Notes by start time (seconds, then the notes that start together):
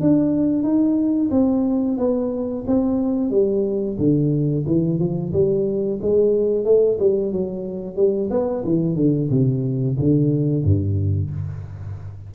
0.00 D4
0.63 D#4
1.31 C4
1.98 B3
2.67 C4
3.30 G3
3.98 D3
4.66 E3
4.99 F3
5.33 G3
6.01 G#3
6.65 A3
6.99 G3
7.32 F#3
7.96 G3
8.30 B3
8.64 E3
8.95 D3
9.30 C3
9.98 D3
10.64 G2